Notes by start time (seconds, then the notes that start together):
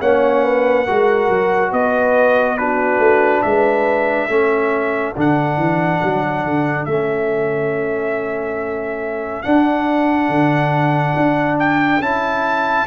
0.00 A#3 C#4 C#5 F#5
0.43 B4
0.85 G#3 F#4 A#4
1.29 F#3
1.71 B3 B4 D#5
2.57 D4 F#4 B4
2.98 A3
3.42 G#3 B4 E5
4.28 A3 C#4 A4
5.16 D3 D4 F#5
5.57 E3
6.02 F#3
6.44 D3
6.85 A3 C#4 E5
9.42 D4 F#5
10.29 D3
11.16 D4
11.59 G5
12.00 C#4 E4 A5